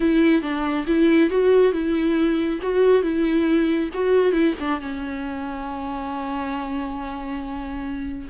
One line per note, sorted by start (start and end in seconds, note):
0.00 0.42 E4
0.42 0.85 D4
0.87 1.30 E4
1.30 1.72 F#4
1.72 2.59 E4
2.61 3.02 F#4
3.02 3.89 E4
3.93 4.32 F#4
4.32 4.54 E4
4.59 4.80 D4
4.80 8.28 C#4